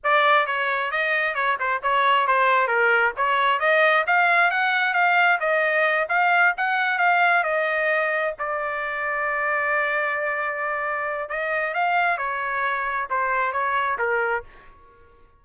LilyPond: \new Staff \with { instrumentName = "trumpet" } { \time 4/4 \tempo 4 = 133 d''4 cis''4 dis''4 cis''8 c''8 | cis''4 c''4 ais'4 cis''4 | dis''4 f''4 fis''4 f''4 | dis''4. f''4 fis''4 f''8~ |
f''8 dis''2 d''4.~ | d''1~ | d''4 dis''4 f''4 cis''4~ | cis''4 c''4 cis''4 ais'4 | }